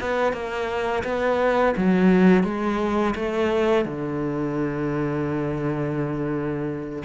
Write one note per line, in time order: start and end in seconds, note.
0.00 0.32 B3
0.32 1.03 A#3
1.04 1.74 B3
1.76 2.44 F#3
2.44 3.14 G#3
3.15 3.85 A3
3.85 7.03 D3